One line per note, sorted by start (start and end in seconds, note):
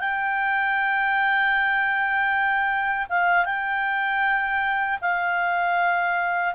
0.00 3.08 G5
3.10 3.46 F5
3.46 5.00 G5
5.01 6.55 F5